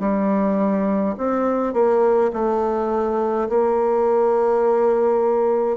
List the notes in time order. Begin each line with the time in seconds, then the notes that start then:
0.00 G3
1.18 C4
1.74 A#3
2.33 A3
3.49 A#3